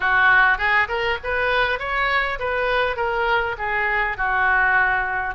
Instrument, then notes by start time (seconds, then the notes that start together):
oboe
0.00 F#4
0.58 G#4
0.88 A#4
1.23 B4
1.79 C#5
2.39 B4
2.96 A#4
3.58 G#4
4.17 F#4